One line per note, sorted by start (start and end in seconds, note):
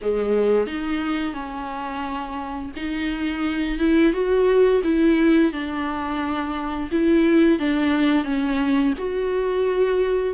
0.01 0.66 G#3
0.66 1.33 D#4
1.33 2.71 C#4
2.76 3.78 D#4
3.78 4.12 E4
4.12 4.81 F#4
4.83 5.52 E4
5.52 6.90 D4
6.91 7.59 E4
7.59 8.24 D4
8.24 8.93 C#4
8.97 10.34 F#4